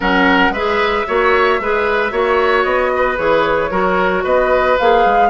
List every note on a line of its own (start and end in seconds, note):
0.00 0.49 F#3
0.00 0.53 C#4
0.00 0.52 A#4
0.00 0.53 F#5
0.49 1.03 G#3
0.49 1.06 G#4
0.49 1.06 B4
0.49 2.63 E5
1.06 1.59 A#3
1.06 1.60 F#4
1.06 1.60 C#5
1.59 2.11 G#3
1.59 2.10 G#4
1.59 2.12 B4
2.10 2.64 A#3
2.10 3.16 F#4
2.10 2.91 C#5
2.63 3.17 B3
2.63 3.16 D#5
2.96 3.70 B4
3.16 3.71 E3
3.16 3.69 G#4
3.16 4.24 C#5
3.70 4.24 F#3
3.70 4.77 F#4
3.70 4.23 A#4
4.23 4.77 B3
4.23 5.29 B4
4.23 4.77 D#5
4.78 5.05 A#3
4.78 5.29 G#4
4.78 5.29 F5
5.05 5.29 G#3